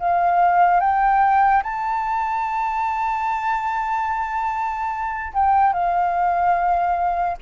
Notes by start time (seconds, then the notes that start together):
0.00 F5
0.81 G5
1.64 A5
5.34 G5
5.73 F5